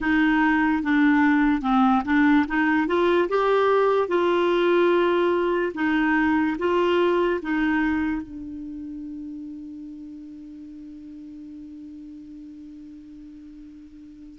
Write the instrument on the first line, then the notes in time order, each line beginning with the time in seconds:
clarinet
0.00 D#4
0.83 D4
1.61 C4
2.04 D4
2.47 D#4
2.87 F4
3.28 G4
4.08 F4
5.74 D#4
6.58 F4
7.42 D#4
8.22 D4